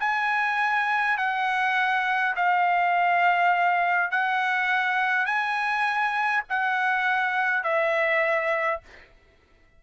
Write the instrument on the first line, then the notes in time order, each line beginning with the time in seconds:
trumpet
0.00 G#5
1.17 F#5
2.36 F5
4.11 F#5
5.26 G#5
6.49 F#5
7.64 E5